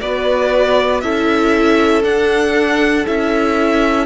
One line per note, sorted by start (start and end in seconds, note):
0.00 1.03 B3
0.00 1.03 F#4
0.00 1.03 B4
0.00 1.00 D5
1.00 2.04 C#4
1.00 2.03 E4
1.00 4.06 A4
1.00 2.02 E5
2.03 3.04 D4
2.03 3.05 D4
2.03 3.06 F#5
3.06 4.06 C#4
3.06 4.06 E4
3.06 4.06 E5